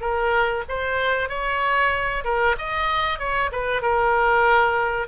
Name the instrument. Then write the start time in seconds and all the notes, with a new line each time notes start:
oboe
0.00 A#4
0.68 C5
1.29 C#5
2.24 A#4
2.58 D#5
3.18 C#5
3.51 B4
3.81 A#4